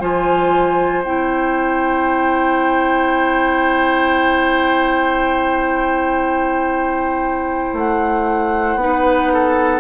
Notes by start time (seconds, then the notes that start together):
0.00 F3 F4 C5 G#5
1.04 C4 E4 G5
7.73 A3 F#5
8.76 B3 D#4
8.82 B4
9.33 A4